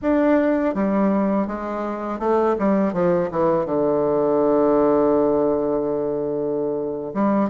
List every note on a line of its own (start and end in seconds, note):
0.02 0.74 D4
0.74 1.47 G3
1.47 2.19 G#3
2.19 2.55 A3
2.58 2.93 G3
2.93 3.29 F3
3.31 3.65 E3
3.65 7.13 D3
7.13 7.49 G3